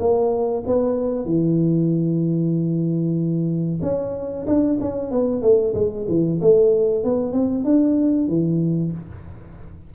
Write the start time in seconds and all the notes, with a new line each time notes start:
0.00 A#3
0.67 B3
1.26 E3
3.82 C#4
4.47 D4
4.81 C#4
5.12 B3
5.42 A3
5.75 G#3
6.09 E3
6.41 A3
7.04 B3
7.33 C4
7.65 D4
8.28 E3